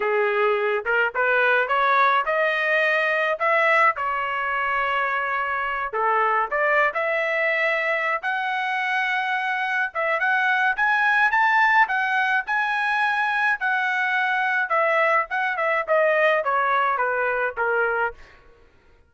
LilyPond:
\new Staff \with { instrumentName = "trumpet" } { \time 4/4 \tempo 4 = 106 gis'4. ais'8 b'4 cis''4 | dis''2 e''4 cis''4~ | cis''2~ cis''8 a'4 d''8~ | d''16 e''2~ e''16 fis''4.~ |
fis''4. e''8 fis''4 gis''4 | a''4 fis''4 gis''2 | fis''2 e''4 fis''8 e''8 | dis''4 cis''4 b'4 ais'4 | }